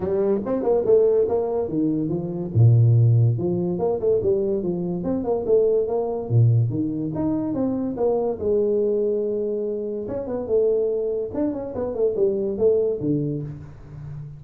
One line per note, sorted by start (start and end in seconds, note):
0.00 0.40 G3
0.45 0.63 C4
0.63 0.84 A#3
0.85 1.27 A3
1.28 1.68 A#3
1.68 2.08 D#3
2.08 2.50 F3
2.54 3.37 A#2
3.37 3.78 F3
3.78 3.99 A#3
4.00 4.21 A3
4.22 4.63 G3
4.63 5.03 F3
5.03 5.24 C4
5.24 5.45 A#3
5.46 5.87 A3
5.87 6.29 A#3
6.29 6.69 A#2
6.69 7.11 D#3
7.14 7.54 D#4
7.54 7.95 C4
7.96 8.38 A#3
8.39 10.07 G#3
10.08 10.27 C#4
10.27 10.47 B3
10.47 11.31 A3
11.33 11.53 D4
11.53 11.74 C#4
11.74 11.94 B3
11.94 12.15 A3
12.16 12.58 G3
12.58 13.00 A3
13.00 13.42 D3